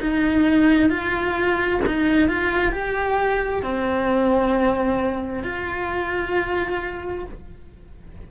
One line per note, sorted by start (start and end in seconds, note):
0.00 0.89 D#4
0.89 1.80 F4
1.86 2.28 D#4
2.28 2.71 F4
2.71 3.62 G4
3.62 5.43 C4
5.43 7.25 F4